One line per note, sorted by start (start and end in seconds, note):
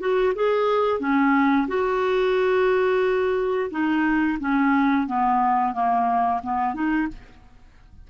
0.00 0.34 F#4
0.36 1.01 G#4
1.01 1.68 C#4
1.68 3.70 F#4
3.71 4.39 D#4
4.40 5.07 C#4
5.07 5.74 B3
5.74 6.41 A#3
6.43 6.74 B3
6.74 7.08 D#4